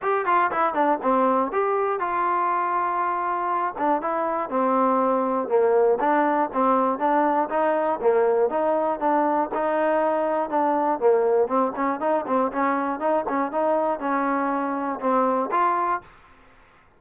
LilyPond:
\new Staff \with { instrumentName = "trombone" } { \time 4/4 \tempo 4 = 120 g'8 f'8 e'8 d'8 c'4 g'4 | f'2.~ f'8 d'8 | e'4 c'2 ais4 | d'4 c'4 d'4 dis'4 |
ais4 dis'4 d'4 dis'4~ | dis'4 d'4 ais4 c'8 cis'8 | dis'8 c'8 cis'4 dis'8 cis'8 dis'4 | cis'2 c'4 f'4 | }